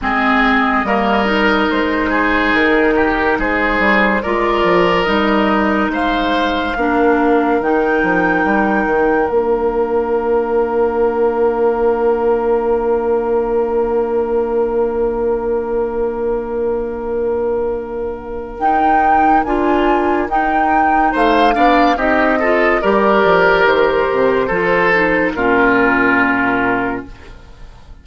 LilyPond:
<<
  \new Staff \with { instrumentName = "flute" } { \time 4/4 \tempo 4 = 71 dis''2 c''4 ais'4 | c''4 d''4 dis''4 f''4~ | f''4 g''2 f''4~ | f''1~ |
f''1~ | f''2 g''4 gis''4 | g''4 f''4 dis''4 d''4 | c''2 ais'2 | }
  \new Staff \with { instrumentName = "oboe" } { \time 4/4 gis'4 ais'4. gis'4 g'8 | gis'4 ais'2 c''4 | ais'1~ | ais'1~ |
ais'1~ | ais'1~ | ais'4 c''8 d''8 g'8 a'8 ais'4~ | ais'4 a'4 f'2 | }
  \new Staff \with { instrumentName = "clarinet" } { \time 4/4 c'4 ais8 dis'2~ dis'8~ | dis'4 f'4 dis'2 | d'4 dis'2 d'4~ | d'1~ |
d'1~ | d'2 dis'4 f'4 | dis'4. d'8 dis'8 f'8 g'4~ | g'4 f'8 dis'8 cis'2 | }
  \new Staff \with { instrumentName = "bassoon" } { \time 4/4 gis4 g4 gis4 dis4 | gis8 g8 gis8 f8 g4 gis4 | ais4 dis8 f8 g8 dis8 ais4~ | ais1~ |
ais1~ | ais2 dis'4 d'4 | dis'4 a8 b8 c'4 g8 f8 | dis8 c8 f4 ais,2 | }
>>